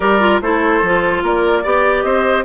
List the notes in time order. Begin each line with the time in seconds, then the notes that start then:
0.00 G3 G4 A#4 D5
0.20 F4
0.41 A3 E4 A4 C5
0.82 F3 F4
1.22 A#3 A#4 D5
1.63 B3 G4 D5
2.02 C4 C5 D#5